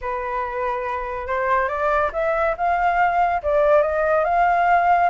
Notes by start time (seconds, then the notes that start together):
0.01 B4
1.27 C5
1.68 D5
2.13 E5
2.57 F5
3.42 D5
3.81 D#5
4.24 F5